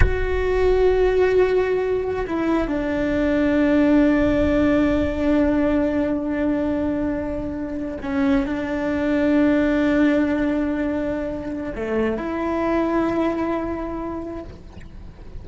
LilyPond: \new Staff \with { instrumentName = "cello" } { \time 4/4 \tempo 4 = 133 fis'1~ | fis'4 e'4 d'2~ | d'1~ | d'1~ |
d'4.~ d'16 cis'4 d'4~ d'16~ | d'1~ | d'2 a4 e'4~ | e'1 | }